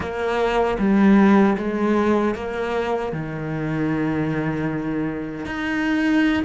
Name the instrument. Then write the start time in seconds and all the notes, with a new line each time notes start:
cello
0.00 A#3
0.79 G3
1.57 G#3
2.34 A#3
3.12 D#3
5.45 D#4